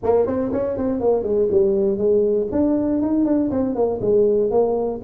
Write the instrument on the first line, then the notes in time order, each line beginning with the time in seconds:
tuba
0.03 A#3
0.26 C4
0.52 C#4
0.77 C4
1.00 A#3
1.23 G#3
1.51 G3
1.97 G#3
2.51 D4
3.01 D#4
3.25 D4
3.50 C4
3.75 A#3
4.01 G#3
4.50 A#3